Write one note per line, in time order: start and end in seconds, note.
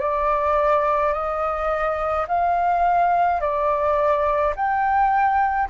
0.00 1.13 D5
1.13 2.26 D#5
2.28 3.41 F5
3.41 4.54 D5
4.56 5.69 G5